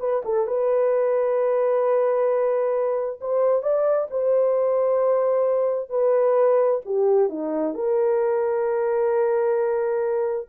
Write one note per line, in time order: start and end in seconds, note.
0.00 0.23 B4
0.25 0.47 A4
0.47 3.20 B4
3.21 3.63 C5
3.63 4.08 D5
4.11 5.90 C5
5.90 6.81 B4
6.86 7.30 G4
7.30 7.75 D#4
7.75 10.48 A#4